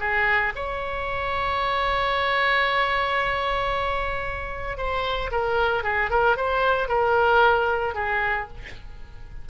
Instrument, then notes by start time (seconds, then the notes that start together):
oboe
0.00 G#4
0.55 C#5
4.78 C5
5.32 A#4
5.84 G#4
6.10 A#4
6.37 C5
6.88 A#4
7.95 G#4